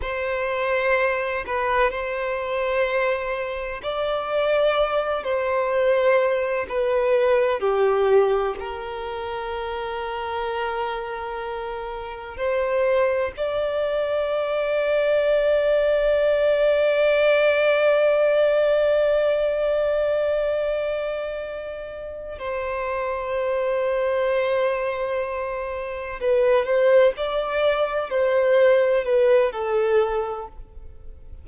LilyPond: \new Staff \with { instrumentName = "violin" } { \time 4/4 \tempo 4 = 63 c''4. b'8 c''2 | d''4. c''4. b'4 | g'4 ais'2.~ | ais'4 c''4 d''2~ |
d''1~ | d''2.~ d''8 c''8~ | c''2.~ c''8 b'8 | c''8 d''4 c''4 b'8 a'4 | }